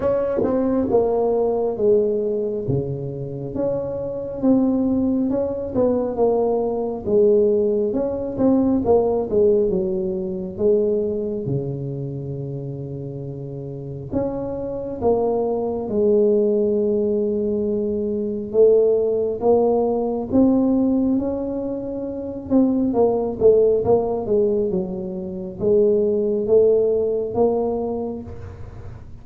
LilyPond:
\new Staff \with { instrumentName = "tuba" } { \time 4/4 \tempo 4 = 68 cis'8 c'8 ais4 gis4 cis4 | cis'4 c'4 cis'8 b8 ais4 | gis4 cis'8 c'8 ais8 gis8 fis4 | gis4 cis2. |
cis'4 ais4 gis2~ | gis4 a4 ais4 c'4 | cis'4. c'8 ais8 a8 ais8 gis8 | fis4 gis4 a4 ais4 | }